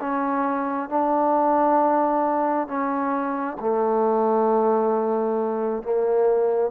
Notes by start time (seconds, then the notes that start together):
0.00 C#4
0.89 D4
2.67 C#4
3.60 A3
5.82 A#3